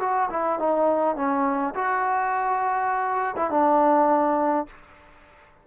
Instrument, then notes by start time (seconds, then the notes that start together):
trombone
0.00 F#4
0.30 E4
0.59 D#4
1.16 C#4
1.75 F#4
3.36 E4
3.50 D4